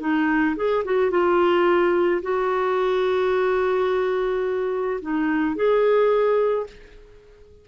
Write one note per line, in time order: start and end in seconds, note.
0.00 0.56 D#4
0.56 0.83 G#4
0.84 1.10 F#4
1.10 2.21 F4
2.22 5.00 F#4
5.01 5.56 D#4
5.56 6.67 G#4